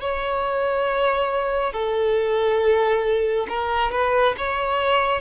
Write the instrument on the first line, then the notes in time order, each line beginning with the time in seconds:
violin
0.00 C#5
1.73 A4
3.48 A#4
3.91 B4
4.37 C#5